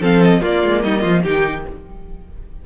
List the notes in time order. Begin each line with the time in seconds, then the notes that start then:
0.00 F3 C4 A4 F5
0.22 D#5
0.40 A#3 F4 D5
0.63 G#3
0.81 G3 D#4 D#5
1.01 F3 F4
1.23 D#3 D#4 G4 G5